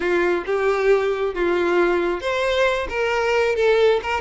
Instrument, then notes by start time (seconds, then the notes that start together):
violin
0.00 F4
0.46 G4
1.34 F4
2.20 C5
2.89 A#4
3.55 A4
4.03 A#4